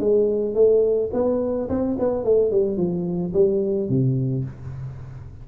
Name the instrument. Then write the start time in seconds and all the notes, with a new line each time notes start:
tuba
0.00 G#3
0.55 A3
1.13 B3
1.69 C4
1.99 B3
2.24 A3
2.51 G3
2.77 F3
3.34 G3
3.89 C3